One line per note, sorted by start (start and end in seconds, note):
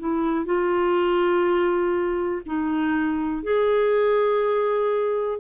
0.00 0.46 E4
0.46 2.42 F4
2.46 3.43 D#4
3.43 5.40 G#4